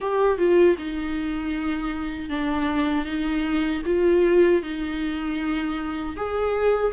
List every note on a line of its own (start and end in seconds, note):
0.00 0.38 G4
0.38 0.76 F4
0.77 2.29 D#4
2.29 3.05 D4
3.05 3.82 D#4
3.85 4.62 F4
4.62 6.16 D#4
6.16 6.92 G#4